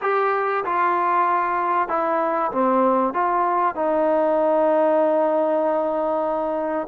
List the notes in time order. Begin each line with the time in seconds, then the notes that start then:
0.01 G4
0.64 F4
1.88 E4
2.51 C4
3.13 F4
3.75 D#4